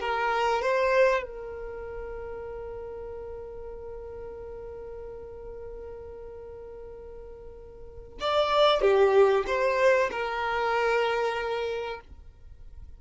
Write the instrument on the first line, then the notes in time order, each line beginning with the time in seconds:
violin
0.00 A#4
0.62 C5
1.23 A#4
8.20 D5
8.82 G4
9.47 C5
10.11 A#4